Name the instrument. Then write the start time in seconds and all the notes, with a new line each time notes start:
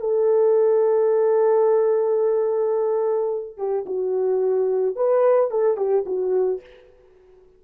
horn
0.00 A4
3.58 G4
3.86 F#4
4.96 B4
5.51 A4
5.77 G4
6.06 F#4